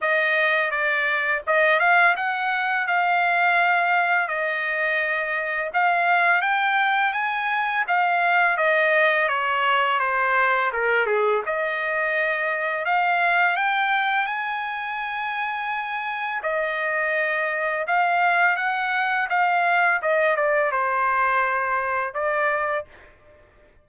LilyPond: \new Staff \with { instrumentName = "trumpet" } { \time 4/4 \tempo 4 = 84 dis''4 d''4 dis''8 f''8 fis''4 | f''2 dis''2 | f''4 g''4 gis''4 f''4 | dis''4 cis''4 c''4 ais'8 gis'8 |
dis''2 f''4 g''4 | gis''2. dis''4~ | dis''4 f''4 fis''4 f''4 | dis''8 d''8 c''2 d''4 | }